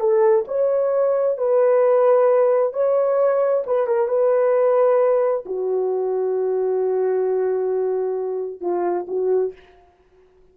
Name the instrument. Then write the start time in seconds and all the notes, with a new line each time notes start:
horn
0.00 A4
0.48 C#5
1.38 B4
2.73 C#5
3.66 B4
3.87 A#4
4.08 B4
5.46 F#4
8.61 F4
9.07 F#4